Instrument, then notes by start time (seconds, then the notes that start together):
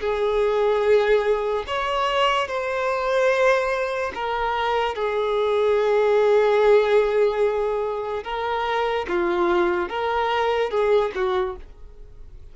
violin
0.00 G#4
1.67 C#5
2.48 C5
4.14 A#4
4.95 G#4
8.24 A#4
9.08 F4
9.89 A#4
10.70 G#4
11.15 F#4